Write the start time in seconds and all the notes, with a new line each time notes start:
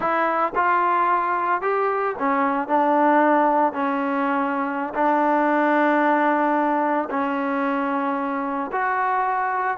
0.00 E4
0.55 F4
1.61 G4
2.18 C#4
2.68 D4
3.73 C#4
4.94 D4
7.10 C#4
8.72 F#4